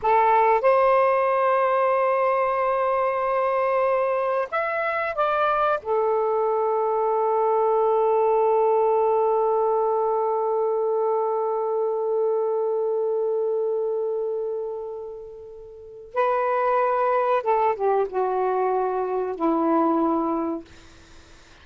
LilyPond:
\new Staff \with { instrumentName = "saxophone" } { \time 4/4 \tempo 4 = 93 a'4 c''2.~ | c''2. e''4 | d''4 a'2.~ | a'1~ |
a'1~ | a'1~ | a'4 b'2 a'8 g'8 | fis'2 e'2 | }